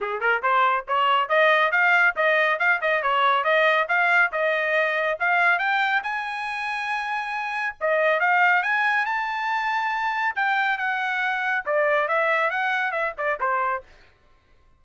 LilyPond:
\new Staff \with { instrumentName = "trumpet" } { \time 4/4 \tempo 4 = 139 gis'8 ais'8 c''4 cis''4 dis''4 | f''4 dis''4 f''8 dis''8 cis''4 | dis''4 f''4 dis''2 | f''4 g''4 gis''2~ |
gis''2 dis''4 f''4 | gis''4 a''2. | g''4 fis''2 d''4 | e''4 fis''4 e''8 d''8 c''4 | }